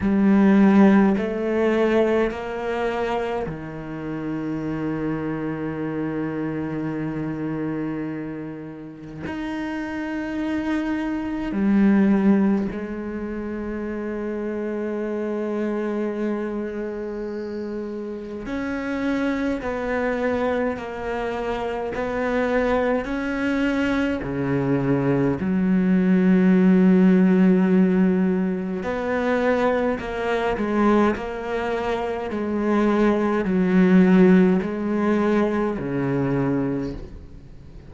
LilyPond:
\new Staff \with { instrumentName = "cello" } { \time 4/4 \tempo 4 = 52 g4 a4 ais4 dis4~ | dis1 | dis'2 g4 gis4~ | gis1 |
cis'4 b4 ais4 b4 | cis'4 cis4 fis2~ | fis4 b4 ais8 gis8 ais4 | gis4 fis4 gis4 cis4 | }